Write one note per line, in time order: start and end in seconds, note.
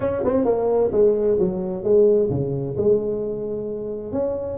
0.00 0.23 C#4
0.24 0.45 C4
0.45 0.90 A#3
0.92 1.37 G#3
1.39 1.83 F#3
1.83 2.29 G#3
2.30 2.76 C#3
2.77 4.12 G#3
4.12 4.58 C#4